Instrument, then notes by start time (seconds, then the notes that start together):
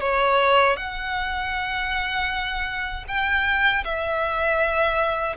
violin
0.00 C#5
0.76 F#5
3.08 G5
3.84 E5